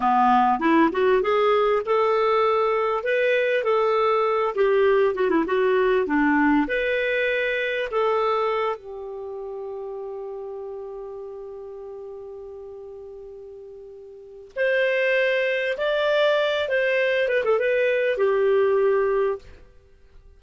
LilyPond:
\new Staff \with { instrumentName = "clarinet" } { \time 4/4 \tempo 4 = 99 b4 e'8 fis'8 gis'4 a'4~ | a'4 b'4 a'4. g'8~ | g'8 fis'16 e'16 fis'4 d'4 b'4~ | b'4 a'4. g'4.~ |
g'1~ | g'1 | c''2 d''4. c''8~ | c''8 b'16 a'16 b'4 g'2 | }